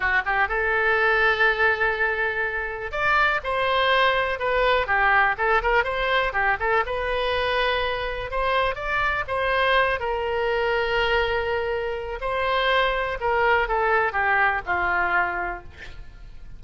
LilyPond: \new Staff \with { instrumentName = "oboe" } { \time 4/4 \tempo 4 = 123 fis'8 g'8 a'2.~ | a'2 d''4 c''4~ | c''4 b'4 g'4 a'8 ais'8 | c''4 g'8 a'8 b'2~ |
b'4 c''4 d''4 c''4~ | c''8 ais'2.~ ais'8~ | ais'4 c''2 ais'4 | a'4 g'4 f'2 | }